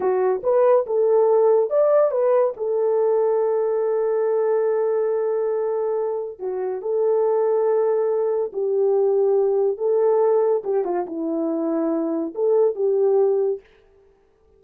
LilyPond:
\new Staff \with { instrumentName = "horn" } { \time 4/4 \tempo 4 = 141 fis'4 b'4 a'2 | d''4 b'4 a'2~ | a'1~ | a'2. fis'4 |
a'1 | g'2. a'4~ | a'4 g'8 f'8 e'2~ | e'4 a'4 g'2 | }